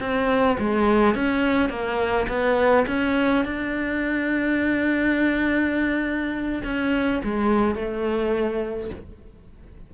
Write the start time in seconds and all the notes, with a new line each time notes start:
0.00 C4
0.59 G#3
1.15 C#4
1.69 A#3
2.28 B3
2.87 C#4
3.45 D4
6.64 C#4
7.24 G#3
7.75 A3